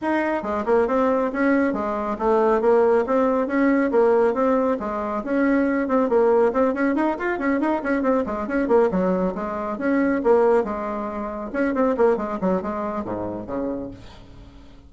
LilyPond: \new Staff \with { instrumentName = "bassoon" } { \time 4/4 \tempo 4 = 138 dis'4 gis8 ais8 c'4 cis'4 | gis4 a4 ais4 c'4 | cis'4 ais4 c'4 gis4 | cis'4. c'8 ais4 c'8 cis'8 |
dis'8 f'8 cis'8 dis'8 cis'8 c'8 gis8 cis'8 | ais8 fis4 gis4 cis'4 ais8~ | ais8 gis2 cis'8 c'8 ais8 | gis8 fis8 gis4 gis,4 cis4 | }